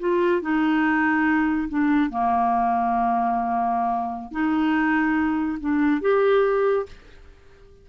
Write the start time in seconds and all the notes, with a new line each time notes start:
0.00 F4
0.42 D#4
1.69 D4
2.10 A#3
4.32 D#4
5.60 D4
6.02 G4